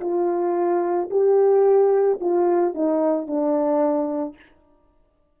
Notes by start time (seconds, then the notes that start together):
0.00 F4
1.10 G4
2.20 F4
2.74 D#4
3.26 D4